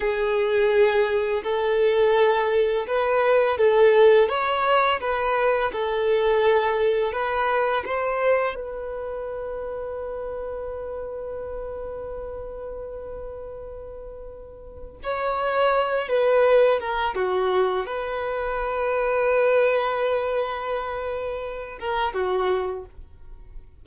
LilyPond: \new Staff \with { instrumentName = "violin" } { \time 4/4 \tempo 4 = 84 gis'2 a'2 | b'4 a'4 cis''4 b'4 | a'2 b'4 c''4 | b'1~ |
b'1~ | b'4 cis''4. b'4 ais'8 | fis'4 b'2.~ | b'2~ b'8 ais'8 fis'4 | }